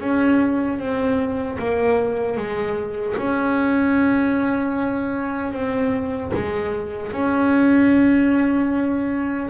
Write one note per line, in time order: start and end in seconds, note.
0.00 0.79 C#4
0.79 1.58 C4
1.59 2.37 A#3
2.37 3.16 G#3
3.18 5.53 C#4
5.53 6.32 C4
6.34 7.13 G#3
7.13 9.50 C#4